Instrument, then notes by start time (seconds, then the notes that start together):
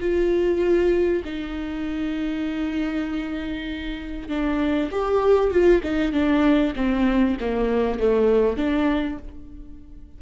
viola
0.00 F4
1.24 D#4
4.28 D4
4.91 G4
5.50 F4
5.83 D#4
6.12 D4
6.75 C4
7.40 A#3
7.99 A3
8.57 D4